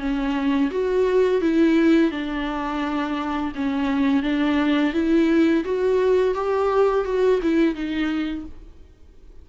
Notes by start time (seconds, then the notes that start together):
0.00 C#4
0.71 F#4
1.41 E4
2.11 D4
3.55 C#4
4.23 D4
4.93 E4
5.65 F#4
6.34 G4
7.05 F#4
7.42 E4
7.75 D#4